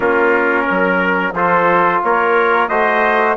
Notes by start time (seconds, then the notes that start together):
0.00 A#3 C#4 F4 A#4
0.67 F#3 A#4
1.32 F3 F4 A4 C5
2.03 A#3 A#4 C#5
2.68 A3 F#4 C5 D#5